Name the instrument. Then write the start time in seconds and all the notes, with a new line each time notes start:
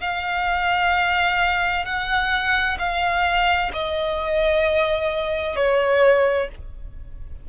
violin
0.00 F5
1.85 F#5
2.79 F5
3.73 D#5
5.56 C#5